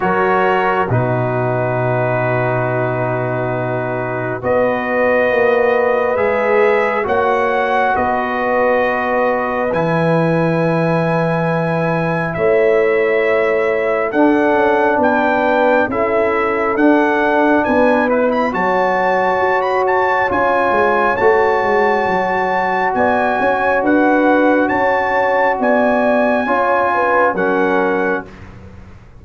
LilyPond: <<
  \new Staff \with { instrumentName = "trumpet" } { \time 4/4 \tempo 4 = 68 cis''4 b'2.~ | b'4 dis''2 e''4 | fis''4 dis''2 gis''4~ | gis''2 e''2 |
fis''4 g''4 e''4 fis''4 | gis''8 b'16 b''16 a''4~ a''16 b''16 a''8 gis''4 | a''2 gis''4 fis''4 | a''4 gis''2 fis''4 | }
  \new Staff \with { instrumentName = "horn" } { \time 4/4 ais'4 fis'2.~ | fis'4 b'2. | cis''4 b'2.~ | b'2 cis''2 |
a'4 b'4 a'2 | b'4 cis''2.~ | cis''2 d''8 cis''8 b'4 | cis''4 d''4 cis''8 b'8 ais'4 | }
  \new Staff \with { instrumentName = "trombone" } { \time 4/4 fis'4 dis'2.~ | dis'4 fis'2 gis'4 | fis'2. e'4~ | e'1 |
d'2 e'4 d'4~ | d'8 e'8 fis'2 f'4 | fis'1~ | fis'2 f'4 cis'4 | }
  \new Staff \with { instrumentName = "tuba" } { \time 4/4 fis4 b,2.~ | b,4 b4 ais4 gis4 | ais4 b2 e4~ | e2 a2 |
d'8 cis'8 b4 cis'4 d'4 | b4 fis4 fis'4 cis'8 gis8 | a8 gis8 fis4 b8 cis'8 d'4 | cis'4 b4 cis'4 fis4 | }
>>